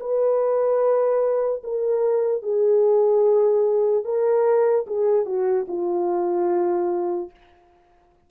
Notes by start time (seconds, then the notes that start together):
0.00 B4
1.64 A#4
2.43 G#4
4.05 A#4
4.87 G#4
5.26 F#4
5.68 F4